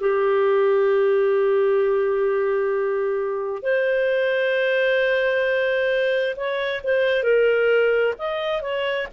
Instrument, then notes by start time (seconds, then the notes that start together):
clarinet
0.00 G4
3.62 C5
6.36 C#5
6.83 C5
7.23 A#4
8.19 D#5
8.62 C#5